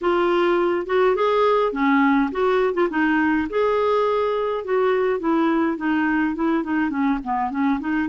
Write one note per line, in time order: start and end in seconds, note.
0.01 0.86 F4
0.86 1.15 F#4
1.15 1.72 G#4
1.72 2.30 C#4
2.31 2.74 F#4
2.74 2.88 F4
2.90 3.47 D#4
3.49 4.64 G#4
4.64 5.19 F#4
5.19 5.77 E4
5.77 6.35 D#4
6.35 6.63 E4
6.63 6.90 D#4
6.90 7.19 C#4
7.24 7.50 B3
7.50 7.79 C#4
7.80 8.08 D#4